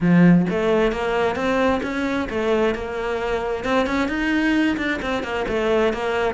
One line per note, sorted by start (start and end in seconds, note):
0.00 0.46 F3
0.50 0.92 A3
0.92 1.35 A#3
1.35 1.81 C4
1.83 2.28 C#4
2.29 2.74 A3
2.74 3.64 A#3
3.64 3.86 C4
3.86 4.08 C#4
4.08 4.76 D#4
4.77 4.99 D4
5.01 5.23 C4
5.23 5.45 A#3
5.48 5.93 A3
5.93 6.34 A#3